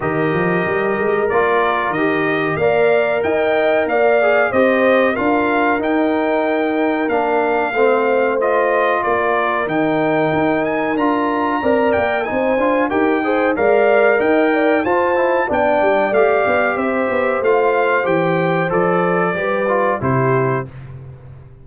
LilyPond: <<
  \new Staff \with { instrumentName = "trumpet" } { \time 4/4 \tempo 4 = 93 dis''2 d''4 dis''4 | f''4 g''4 f''4 dis''4 | f''4 g''2 f''4~ | f''4 dis''4 d''4 g''4~ |
g''8 gis''8 ais''4. g''8 gis''4 | g''4 f''4 g''4 a''4 | g''4 f''4 e''4 f''4 | g''4 d''2 c''4 | }
  \new Staff \with { instrumentName = "horn" } { \time 4/4 ais'1 | d''4 dis''4 d''4 c''4 | ais'1 | c''2 ais'2~ |
ais'2 d''4 c''4 | ais'8 c''8 d''4 dis''8 d''8 c''4 | d''2 c''2~ | c''2 b'4 g'4 | }
  \new Staff \with { instrumentName = "trombone" } { \time 4/4 g'2 f'4 g'4 | ais'2~ ais'8 gis'8 g'4 | f'4 dis'2 d'4 | c'4 f'2 dis'4~ |
dis'4 f'4 ais'4 dis'8 f'8 | g'8 gis'8 ais'2 f'8 e'8 | d'4 g'2 f'4 | g'4 a'4 g'8 f'8 e'4 | }
  \new Staff \with { instrumentName = "tuba" } { \time 4/4 dis8 f8 g8 gis8 ais4 dis4 | ais4 dis'4 ais4 c'4 | d'4 dis'2 ais4 | a2 ais4 dis4 |
dis'4 d'4 c'8 ais8 c'8 d'8 | dis'4 gis4 dis'4 f'4 | b8 g8 a8 b8 c'8 b8 a4 | e4 f4 g4 c4 | }
>>